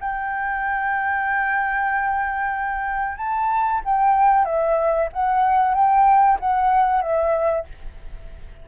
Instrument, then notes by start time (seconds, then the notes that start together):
flute
0.00 G5
3.18 A5
3.85 G5
4.45 E5
5.13 F#5
5.74 G5
6.40 F#5
7.01 E5